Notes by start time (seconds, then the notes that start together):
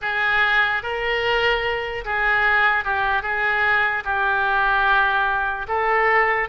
0.01 G#4
0.83 A#4
2.04 G#4
2.84 G4
3.22 G#4
4.04 G4
5.68 A4